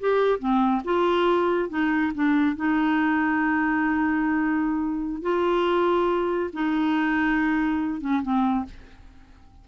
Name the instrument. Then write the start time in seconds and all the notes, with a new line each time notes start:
clarinet
0.00 G4
0.39 C4
0.84 F4
1.69 D#4
2.14 D4
2.56 D#4
5.22 F4
6.53 D#4
8.01 C#4
8.22 C4